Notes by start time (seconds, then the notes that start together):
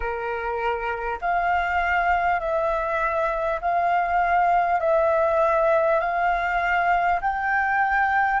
0.00 A#4
1.21 F5
2.39 E5
3.61 F5
4.80 E5
5.99 F5
7.21 G5